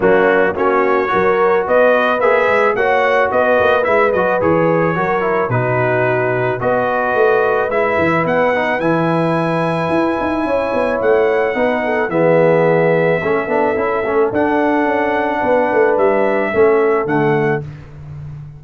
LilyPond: <<
  \new Staff \with { instrumentName = "trumpet" } { \time 4/4 \tempo 4 = 109 fis'4 cis''2 dis''4 | e''4 fis''4 dis''4 e''8 dis''8 | cis''2 b'2 | dis''2 e''4 fis''4 |
gis''1 | fis''2 e''2~ | e''2 fis''2~ | fis''4 e''2 fis''4 | }
  \new Staff \with { instrumentName = "horn" } { \time 4/4 cis'4 fis'4 ais'4 b'4~ | b'4 cis''4 b'2~ | b'4 ais'4 fis'2 | b'1~ |
b'2. cis''4~ | cis''4 b'8 a'8 gis'2 | a'1 | b'2 a'2 | }
  \new Staff \with { instrumentName = "trombone" } { \time 4/4 ais4 cis'4 fis'2 | gis'4 fis'2 e'8 fis'8 | gis'4 fis'8 e'8 dis'2 | fis'2 e'4. dis'8 |
e'1~ | e'4 dis'4 b2 | cis'8 d'8 e'8 cis'8 d'2~ | d'2 cis'4 a4 | }
  \new Staff \with { instrumentName = "tuba" } { \time 4/4 fis4 ais4 fis4 b4 | ais8 gis8 ais4 b8 ais8 gis8 fis8 | e4 fis4 b,2 | b4 a4 gis8 e8 b4 |
e2 e'8 dis'8 cis'8 b8 | a4 b4 e2 | a8 b8 cis'8 a8 d'4 cis'4 | b8 a8 g4 a4 d4 | }
>>